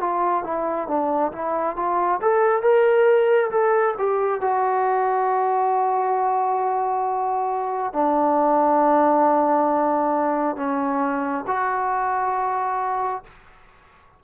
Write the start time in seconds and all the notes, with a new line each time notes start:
0.00 F4
0.44 E4
0.87 D4
1.32 E4
1.76 F4
2.21 A4
2.62 A#4
3.50 A4
3.98 G4
4.41 F#4
7.93 D4
10.56 C#4
11.47 F#4